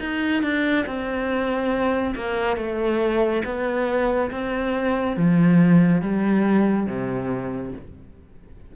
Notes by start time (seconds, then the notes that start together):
0.00 D#4
0.42 D4
0.86 C4
2.15 A#3
2.57 A3
3.45 B3
4.31 C4
5.17 F3
6.02 G3
6.86 C3